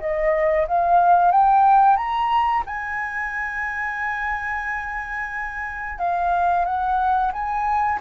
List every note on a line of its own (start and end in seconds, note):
0.00 0.67 D#5
0.67 1.31 F5
1.31 1.97 G5
1.97 2.63 A#5
2.66 5.99 G#5
5.99 6.65 F5
6.65 7.32 F#5
7.33 7.99 G#5